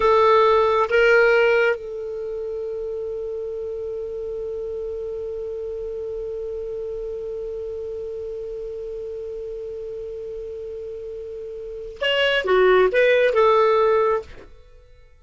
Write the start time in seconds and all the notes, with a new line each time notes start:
0.00 A4
0.89 A#4
1.75 A4
12.01 C#5
12.44 F#4
12.92 B4
13.33 A4